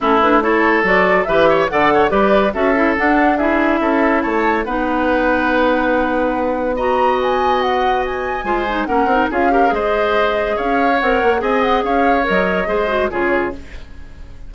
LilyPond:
<<
  \new Staff \with { instrumentName = "flute" } { \time 4/4 \tempo 4 = 142 a'8 b'8 cis''4 d''4 e''4 | fis''4 d''4 e''4 fis''4 | e''2 a''4 fis''4~ | fis''1 |
ais''4 gis''4 fis''4 gis''4~ | gis''4 fis''4 f''4 dis''4~ | dis''4 f''4 fis''4 gis''8 fis''8 | f''4 dis''2 cis''4 | }
  \new Staff \with { instrumentName = "oboe" } { \time 4/4 e'4 a'2 b'8 cis''8 | d''8 cis''8 b'4 a'2 | gis'4 a'4 cis''4 b'4~ | b'1 |
dis''1 | c''4 ais'4 gis'8 ais'8 c''4~ | c''4 cis''2 dis''4 | cis''2 c''4 gis'4 | }
  \new Staff \with { instrumentName = "clarinet" } { \time 4/4 cis'8 d'8 e'4 fis'4 g'4 | a'4 g'4 fis'8 e'8 d'4 | e'2. dis'4~ | dis'1 |
fis'1 | f'8 dis'8 cis'8 dis'8 f'8 g'8 gis'4~ | gis'2 ais'4 gis'4~ | gis'4 ais'4 gis'8 fis'8 f'4 | }
  \new Staff \with { instrumentName = "bassoon" } { \time 4/4 a2 fis4 e4 | d4 g4 cis'4 d'4~ | d'4 cis'4 a4 b4~ | b1~ |
b1 | gis4 ais8 c'8 cis'4 gis4~ | gis4 cis'4 c'8 ais8 c'4 | cis'4 fis4 gis4 cis4 | }
>>